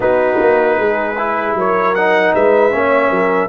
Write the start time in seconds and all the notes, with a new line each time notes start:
0.00 B3 D#4 F#4 B4
0.40 A#3
0.78 G#3 G#4
1.18 E4
1.54 F#3 A#4 C#5
1.94 D#4 F#5
2.34 G#3 B4 E5
2.70 A#3 C#4 C#5
3.09 F#3 A#4